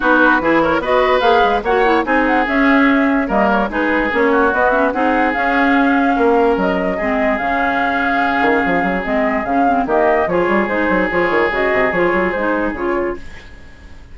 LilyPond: <<
  \new Staff \with { instrumentName = "flute" } { \time 4/4 \tempo 4 = 146 b'4. cis''8 dis''4 f''4 | fis''4 gis''8 fis''8 e''2 | dis''8 cis''8 b'4 cis''4 dis''8 e''8 | fis''4 f''2. |
dis''2 f''2~ | f''2 dis''4 f''4 | dis''4 cis''4 c''4 cis''4 | dis''4 cis''4 c''4 cis''4 | }
  \new Staff \with { instrumentName = "oboe" } { \time 4/4 fis'4 gis'8 ais'8 b'2 | cis''4 gis'2. | ais'4 gis'4. fis'4. | gis'2. ais'4~ |
ais'4 gis'2.~ | gis'1 | g'4 gis'2.~ | gis'1 | }
  \new Staff \with { instrumentName = "clarinet" } { \time 4/4 dis'4 e'4 fis'4 gis'4 | fis'8 e'8 dis'4 cis'2 | ais4 dis'4 cis'4 b8 cis'8 | dis'4 cis'2.~ |
cis'4 c'4 cis'2~ | cis'2 c'4 cis'8 c'8 | ais4 f'4 dis'4 f'4 | fis'4 f'4 dis'4 f'4 | }
  \new Staff \with { instrumentName = "bassoon" } { \time 4/4 b4 e4 b4 ais8 gis8 | ais4 c'4 cis'2 | g4 gis4 ais4 b4 | c'4 cis'2 ais4 |
fis4 gis4 cis2~ | cis8 dis8 f8 fis8 gis4 cis4 | dis4 f8 g8 gis8 fis8 f8 dis8 | cis8 c8 f8 fis8 gis4 cis4 | }
>>